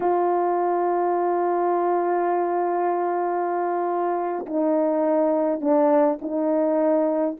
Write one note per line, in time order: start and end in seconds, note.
0.00 4.45 F4
4.46 5.60 D#4
5.60 6.18 D4
6.21 7.37 D#4